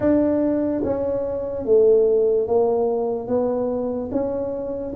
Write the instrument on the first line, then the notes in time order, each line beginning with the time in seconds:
tuba
0.00 D4
0.84 C#4
1.65 A3
2.47 A#3
3.27 B3
4.11 C#4